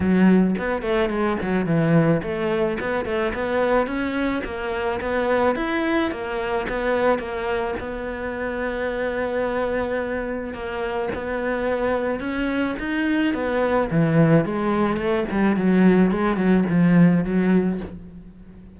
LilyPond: \new Staff \with { instrumentName = "cello" } { \time 4/4 \tempo 4 = 108 fis4 b8 a8 gis8 fis8 e4 | a4 b8 a8 b4 cis'4 | ais4 b4 e'4 ais4 | b4 ais4 b2~ |
b2. ais4 | b2 cis'4 dis'4 | b4 e4 gis4 a8 g8 | fis4 gis8 fis8 f4 fis4 | }